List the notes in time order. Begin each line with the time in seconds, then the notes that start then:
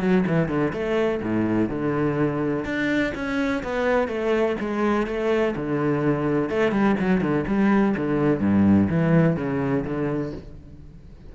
0.00 F#3
0.27 E3
0.48 D3
0.73 A3
1.22 A2
1.69 D3
2.65 D4
3.15 C#4
3.63 B3
4.08 A3
4.60 G#3
5.07 A3
5.56 D3
6.50 A3
6.72 G3
7.00 F#3
7.21 D3
7.47 G3
7.97 D3
8.40 G2
8.89 E3
9.36 C#3
9.85 D3